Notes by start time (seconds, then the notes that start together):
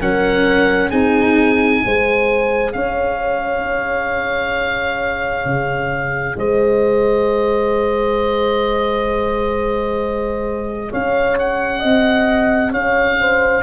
0.00 F#3 C#4 A#4 F#5
0.89 C4 D#4 G#4 G#5
1.82 G#3 G#4 C5
2.72 C#4 C#5 F5
5.45 C#3
6.37 G#3 C5 D#5
10.90 C#4 C#5 F5
11.38 F#5
11.79 C4 D#5
12.71 C#4 C#5 F5
13.20 C5